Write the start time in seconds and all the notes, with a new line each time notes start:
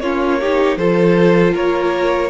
0.00 A#3 C#4 F4 C#5
0.41 D#4 G4
0.77 F3 F4 A4 C5
1.54 A#3 A#4 C#5